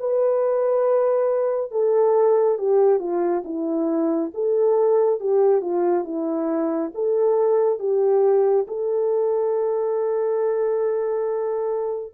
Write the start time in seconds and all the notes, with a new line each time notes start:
0.00 B4
1.72 A4
2.58 G4
3.00 F4
3.45 E4
4.34 A4
5.21 G4
5.62 F4
6.05 E4
6.95 A4
7.80 G4
8.68 A4